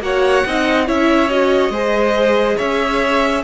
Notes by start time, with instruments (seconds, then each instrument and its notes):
0.00 cello A#3, viola F#4, violin C#5 F#5
0.46 cello C4, viola D#4, violin D#5
0.86 cello C#4, viola E4, violin C#5 E5
1.29 viola F#4, violin D#5
1.69 cello G#3, viola G#4, violin C5
2.57 cello C#4, violin C#5 E5